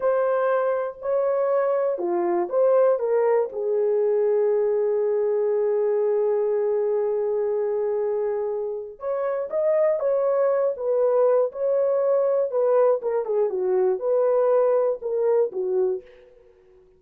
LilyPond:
\new Staff \with { instrumentName = "horn" } { \time 4/4 \tempo 4 = 120 c''2 cis''2 | f'4 c''4 ais'4 gis'4~ | gis'1~ | gis'1~ |
gis'2 cis''4 dis''4 | cis''4. b'4. cis''4~ | cis''4 b'4 ais'8 gis'8 fis'4 | b'2 ais'4 fis'4 | }